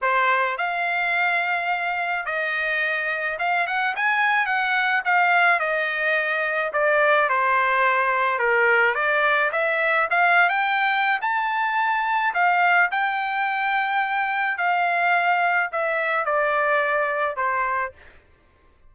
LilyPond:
\new Staff \with { instrumentName = "trumpet" } { \time 4/4 \tempo 4 = 107 c''4 f''2. | dis''2 f''8 fis''8 gis''4 | fis''4 f''4 dis''2 | d''4 c''2 ais'4 |
d''4 e''4 f''8. g''4~ g''16 | a''2 f''4 g''4~ | g''2 f''2 | e''4 d''2 c''4 | }